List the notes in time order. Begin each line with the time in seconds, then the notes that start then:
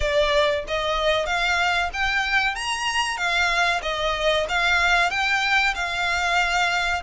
0.00 D5
0.67 D#5
1.26 F5
1.93 G5
2.55 A#5
3.17 F5
3.82 D#5
4.48 F5
5.10 G5
5.74 F5